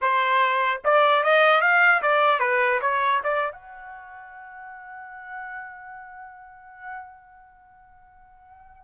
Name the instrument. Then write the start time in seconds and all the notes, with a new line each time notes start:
trumpet
0.01 C5
0.84 D5
1.23 D#5
1.61 F5
2.01 D5
2.39 B4
2.81 C#5
3.23 D5
3.52 F#5